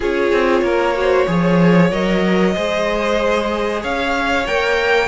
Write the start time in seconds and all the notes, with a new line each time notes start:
0.00 C#4 F4 G#4 C#5
0.32 C4
0.61 A#3 A#4
0.95 F#4 C5
1.27 F3 G#4 C#5
1.91 F#3 A#4 D#5
2.54 G#3 G#4 C5
3.81 C#4 C#5 F5
4.46 A#3 A#4 G5